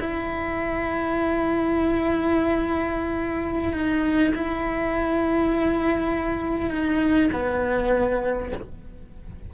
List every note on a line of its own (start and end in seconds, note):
0.00 3.73 E4
3.73 4.33 D#4
4.34 6.70 E4
6.70 7.30 D#4
7.33 8.53 B3